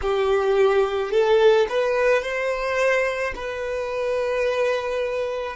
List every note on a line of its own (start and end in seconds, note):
0.02 1.11 G4
1.11 1.66 A4
1.69 2.22 B4
2.22 3.33 C5
3.35 5.56 B4